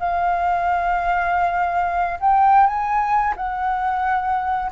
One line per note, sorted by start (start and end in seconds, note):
0.00 2.19 F5
2.20 2.67 G5
2.67 3.34 G#5
3.37 4.72 F#5